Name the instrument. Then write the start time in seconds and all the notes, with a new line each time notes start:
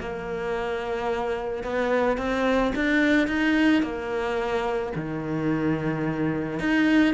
cello
0.00 A#3
1.63 B3
2.17 C4
2.75 D4
3.27 D#4
3.82 A#3
4.95 D#3
6.59 D#4